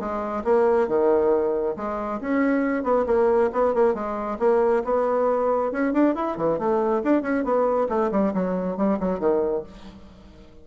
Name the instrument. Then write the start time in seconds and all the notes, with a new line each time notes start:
bassoon
0.00 G#3
0.44 A#3
0.88 D#3
1.77 G#3
2.21 C#4
2.84 B3
3.07 A#3
3.53 B3
3.75 A#3
3.94 G#3
4.39 A#3
4.84 B3
5.72 C#4
5.93 D4
6.15 E4
6.37 E3
6.59 A3
7.04 D4
7.22 C#4
7.44 B3
7.89 A3
8.12 G3
8.34 F#3
8.77 G3
9.00 F#3
9.20 D#3